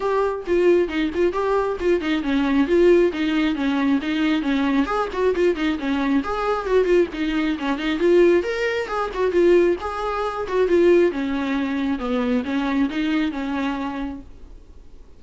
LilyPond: \new Staff \with { instrumentName = "viola" } { \time 4/4 \tempo 4 = 135 g'4 f'4 dis'8 f'8 g'4 | f'8 dis'8 cis'4 f'4 dis'4 | cis'4 dis'4 cis'4 gis'8 fis'8 | f'8 dis'8 cis'4 gis'4 fis'8 f'8 |
dis'4 cis'8 dis'8 f'4 ais'4 | gis'8 fis'8 f'4 gis'4. fis'8 | f'4 cis'2 b4 | cis'4 dis'4 cis'2 | }